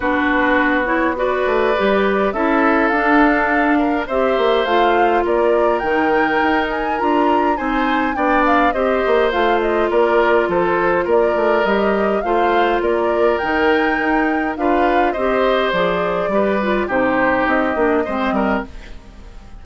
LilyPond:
<<
  \new Staff \with { instrumentName = "flute" } { \time 4/4 \tempo 4 = 103 b'4. cis''8 d''2 | e''4 f''2 e''4 | f''4 d''4 g''4. gis''8 | ais''4 gis''4 g''8 f''8 dis''4 |
f''8 dis''8 d''4 c''4 d''4 | dis''4 f''4 d''4 g''4~ | g''4 f''4 dis''4 d''4~ | d''4 c''4 dis''2 | }
  \new Staff \with { instrumentName = "oboe" } { \time 4/4 fis'2 b'2 | a'2~ a'8 ais'8 c''4~ | c''4 ais'2.~ | ais'4 c''4 d''4 c''4~ |
c''4 ais'4 a'4 ais'4~ | ais'4 c''4 ais'2~ | ais'4 b'4 c''2 | b'4 g'2 c''8 ais'8 | }
  \new Staff \with { instrumentName = "clarinet" } { \time 4/4 d'4. e'8 fis'4 g'4 | e'4 d'2 g'4 | f'2 dis'2 | f'4 dis'4 d'4 g'4 |
f'1 | g'4 f'2 dis'4~ | dis'4 f'4 g'4 gis'4 | g'8 f'8 dis'4. d'8 c'4 | }
  \new Staff \with { instrumentName = "bassoon" } { \time 4/4 b2~ b8 a8 g4 | cis'4 d'2 c'8 ais8 | a4 ais4 dis4 dis'4 | d'4 c'4 b4 c'8 ais8 |
a4 ais4 f4 ais8 a8 | g4 a4 ais4 dis4 | dis'4 d'4 c'4 f4 | g4 c4 c'8 ais8 gis8 g8 | }
>>